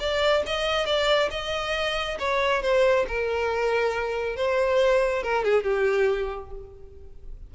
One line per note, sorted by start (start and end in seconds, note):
0.00 0.43 D5
0.47 0.86 D#5
0.86 1.30 D5
1.31 2.18 D#5
2.19 2.63 C#5
2.63 3.06 C5
3.08 4.37 A#4
4.37 5.24 C5
5.24 5.45 A#4
5.45 5.64 G#4
5.64 6.51 G4